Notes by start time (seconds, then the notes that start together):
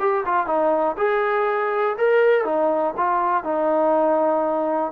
0.00 G4
0.26 F4
0.47 D#4
0.98 G#4
1.98 A#4
2.45 D#4
2.98 F4
3.44 D#4